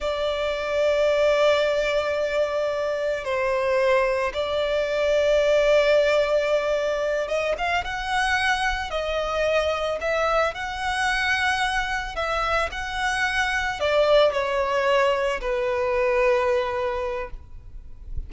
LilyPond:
\new Staff \with { instrumentName = "violin" } { \time 4/4 \tempo 4 = 111 d''1~ | d''2 c''2 | d''1~ | d''4. dis''8 f''8 fis''4.~ |
fis''8 dis''2 e''4 fis''8~ | fis''2~ fis''8 e''4 fis''8~ | fis''4. d''4 cis''4.~ | cis''8 b'2.~ b'8 | }